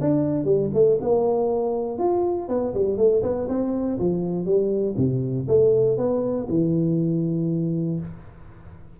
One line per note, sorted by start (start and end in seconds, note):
0.00 0.44 D4
0.44 0.69 G3
0.73 0.98 A3
1.00 1.98 A#3
1.98 2.48 F4
2.48 2.73 B3
2.73 2.97 G3
2.97 3.22 A3
3.22 3.47 B3
3.48 3.98 C4
3.98 4.45 F3
4.45 4.95 G3
4.97 5.47 C3
5.47 5.97 A3
5.97 6.47 B3
6.49 7.99 E3